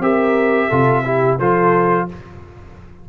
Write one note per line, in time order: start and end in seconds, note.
0.00 0.69 C4
0.00 0.71 G4
0.00 0.69 A#4
0.00 1.39 E5
0.69 1.40 C3
0.69 1.05 F4
0.69 1.03 A4
1.05 1.39 E4
1.05 1.39 G4
1.39 2.09 F3
1.39 2.09 F4
1.39 2.08 A4
1.39 2.08 C5